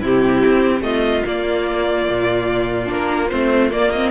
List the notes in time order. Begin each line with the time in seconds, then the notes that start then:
0.00 C3 C4 E4 G4
0.45 C4
0.81 A3 F4 D#5
1.25 A#3 D5
2.09 A#2
2.86 A#3 D4 A#4
3.29 A3 C4 C5
3.70 A#3 D5
3.91 C4 D#5